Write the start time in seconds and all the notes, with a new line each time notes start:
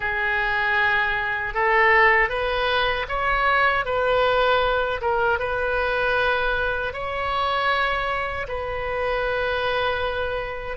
0.00 G#4
1.53 A4
2.29 B4
3.08 C#5
3.85 B4
5.01 A#4
5.39 B4
6.93 C#5
8.48 B4